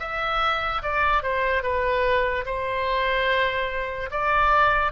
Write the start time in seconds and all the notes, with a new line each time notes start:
0.00 E5
0.83 D5
1.23 C5
1.63 B4
2.46 C5
4.11 D5